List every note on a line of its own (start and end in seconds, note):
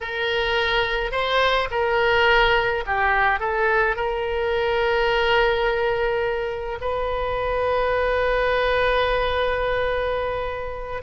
0.01 1.11 A#4
1.11 1.68 C5
1.70 2.84 A#4
2.86 3.39 G4
3.39 3.95 A4
3.95 6.78 A#4
6.81 11.02 B4